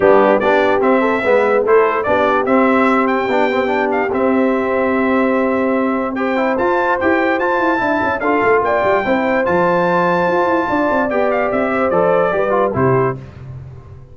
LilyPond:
<<
  \new Staff \with { instrumentName = "trumpet" } { \time 4/4 \tempo 4 = 146 g'4 d''4 e''2 | c''4 d''4 e''4. g''8~ | g''4. f''8 e''2~ | e''2. g''4 |
a''4 g''4 a''2 | f''4 g''2 a''4~ | a''2. g''8 f''8 | e''4 d''2 c''4 | }
  \new Staff \with { instrumentName = "horn" } { \time 4/4 d'4 g'4. a'8 b'4 | a'4 g'2.~ | g'1~ | g'2. c''4~ |
c''2. e''4 | a'4 d''4 c''2~ | c''2 d''2~ | d''8 c''4. b'4 g'4 | }
  \new Staff \with { instrumentName = "trombone" } { \time 4/4 b4 d'4 c'4 b4 | e'4 d'4 c'2 | d'8 c'8 d'4 c'2~ | c'2. g'8 e'8 |
f'4 g'4 f'4 e'4 | f'2 e'4 f'4~ | f'2. g'4~ | g'4 a'4 g'8 f'8 e'4 | }
  \new Staff \with { instrumentName = "tuba" } { \time 4/4 g4 b4 c'4 gis4 | a4 b4 c'2 | b2 c'2~ | c'1 |
f'4 e'4 f'8 e'8 d'8 cis'8 | d'8 a8 ais8 g8 c'4 f4~ | f4 f'8 e'8 d'8 c'8 b4 | c'4 f4 g4 c4 | }
>>